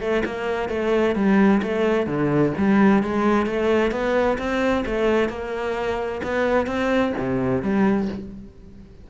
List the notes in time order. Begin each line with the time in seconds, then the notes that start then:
0.00 A3
0.25 A#3
0.69 A3
1.15 G3
1.63 A3
2.07 D3
2.57 G3
3.03 G#3
3.46 A3
3.92 B3
4.38 C4
4.86 A3
5.29 A#3
6.23 B3
6.67 C4
7.18 C3
7.62 G3